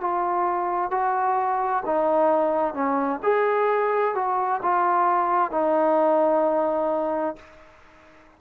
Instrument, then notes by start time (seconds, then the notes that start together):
trombone
0.00 F4
0.91 F#4
1.85 D#4
2.74 C#4
3.23 G#4
4.15 F#4
4.62 F4
5.51 D#4